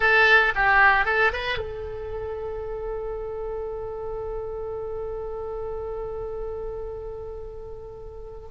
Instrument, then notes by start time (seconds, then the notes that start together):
oboe
0.00 A4
0.55 G4
1.05 A4
1.33 B4
1.57 A4